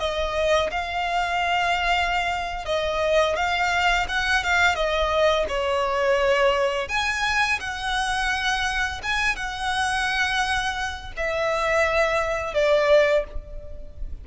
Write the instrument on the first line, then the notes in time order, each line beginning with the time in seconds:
violin
0.00 D#5
0.71 F5
2.66 D#5
3.36 F5
4.08 F#5
4.44 F5
4.75 D#5
5.49 C#5
6.89 G#5
7.60 F#5
9.03 G#5
9.36 F#5
11.17 E5
12.54 D5